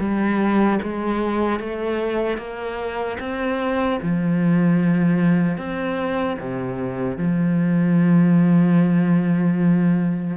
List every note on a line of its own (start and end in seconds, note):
0.00 0.80 G3
0.83 1.60 G#3
1.60 2.38 A3
2.38 3.18 A#3
3.20 4.00 C4
4.03 5.58 F3
5.58 6.38 C4
6.40 7.18 C3
7.18 10.37 F3